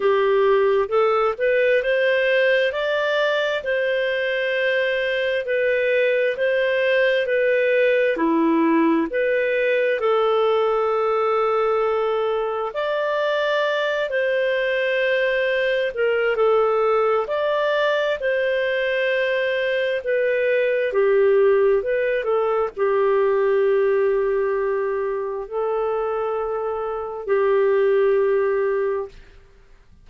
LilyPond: \new Staff \with { instrumentName = "clarinet" } { \time 4/4 \tempo 4 = 66 g'4 a'8 b'8 c''4 d''4 | c''2 b'4 c''4 | b'4 e'4 b'4 a'4~ | a'2 d''4. c''8~ |
c''4. ais'8 a'4 d''4 | c''2 b'4 g'4 | b'8 a'8 g'2. | a'2 g'2 | }